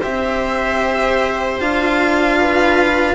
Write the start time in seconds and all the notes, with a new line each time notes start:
0.00 C4 G4 C5 E5
1.59 D4 F4 F5
2.39 B4